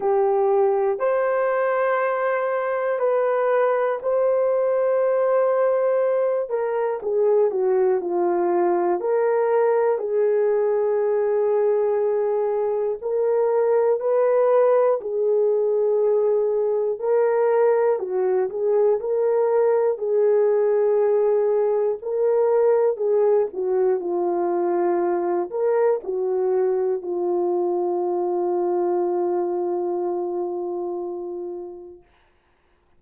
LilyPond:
\new Staff \with { instrumentName = "horn" } { \time 4/4 \tempo 4 = 60 g'4 c''2 b'4 | c''2~ c''8 ais'8 gis'8 fis'8 | f'4 ais'4 gis'2~ | gis'4 ais'4 b'4 gis'4~ |
gis'4 ais'4 fis'8 gis'8 ais'4 | gis'2 ais'4 gis'8 fis'8 | f'4. ais'8 fis'4 f'4~ | f'1 | }